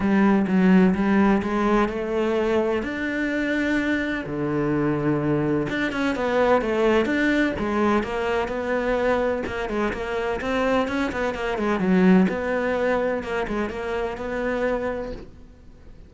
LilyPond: \new Staff \with { instrumentName = "cello" } { \time 4/4 \tempo 4 = 127 g4 fis4 g4 gis4 | a2 d'2~ | d'4 d2. | d'8 cis'8 b4 a4 d'4 |
gis4 ais4 b2 | ais8 gis8 ais4 c'4 cis'8 b8 | ais8 gis8 fis4 b2 | ais8 gis8 ais4 b2 | }